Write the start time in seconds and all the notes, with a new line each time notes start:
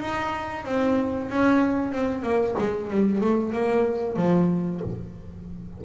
0.00 D#4
0.65 C4
1.30 C#4
1.92 C4
2.23 A#3
2.58 G#3
2.90 G3
3.21 A3
3.53 A#3
4.16 F3